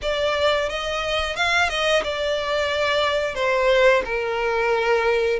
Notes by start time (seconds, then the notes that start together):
0.02 D5
0.69 D#5
1.35 F5
1.69 D#5
2.03 D5
3.34 C5
4.04 A#4